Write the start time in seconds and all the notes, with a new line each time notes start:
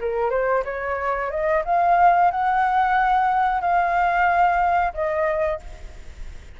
0.00 A#4
0.30 C5
0.64 C#5
1.30 D#5
1.65 F5
2.31 F#5
3.61 F5
4.93 D#5